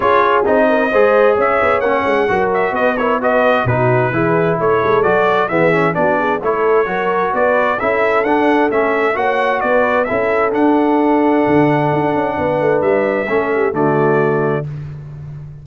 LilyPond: <<
  \new Staff \with { instrumentName = "trumpet" } { \time 4/4 \tempo 4 = 131 cis''4 dis''2 e''4 | fis''4. e''8 dis''8 cis''8 dis''4 | b'2 cis''4 d''4 | e''4 d''4 cis''2 |
d''4 e''4 fis''4 e''4 | fis''4 d''4 e''4 fis''4~ | fis''1 | e''2 d''2 | }
  \new Staff \with { instrumentName = "horn" } { \time 4/4 gis'4. ais'8 c''4 cis''4~ | cis''4 ais'4 b'8 ais'8 b'4 | fis'4 gis'4 a'2 | gis'4 fis'8 gis'8 a'4 ais'4 |
b'4 a'2. | cis''4 b'4 a'2~ | a'2. b'4~ | b'4 a'8 g'8 fis'2 | }
  \new Staff \with { instrumentName = "trombone" } { \time 4/4 f'4 dis'4 gis'2 | cis'4 fis'4. e'8 fis'4 | dis'4 e'2 fis'4 | b8 cis'8 d'4 e'4 fis'4~ |
fis'4 e'4 d'4 cis'4 | fis'2 e'4 d'4~ | d'1~ | d'4 cis'4 a2 | }
  \new Staff \with { instrumentName = "tuba" } { \time 4/4 cis'4 c'4 gis4 cis'8 b8 | ais8 gis8 fis4 b2 | b,4 e4 a8 gis8 fis4 | e4 b4 a4 fis4 |
b4 cis'4 d'4 a4 | ais4 b4 cis'4 d'4~ | d'4 d4 d'8 cis'8 b8 a8 | g4 a4 d2 | }
>>